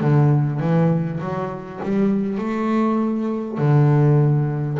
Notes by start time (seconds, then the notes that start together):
0.00 D3
0.59 E3
1.19 F#3
1.83 G3
2.37 A3
3.57 D3